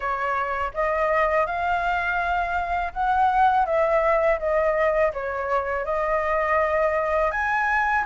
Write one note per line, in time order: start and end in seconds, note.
0.00 0.71 C#5
0.74 1.46 D#5
1.46 2.93 F5
2.93 3.65 F#5
3.65 4.38 E5
4.39 5.12 D#5
5.13 5.84 C#5
5.84 7.31 D#5
7.31 8.04 G#5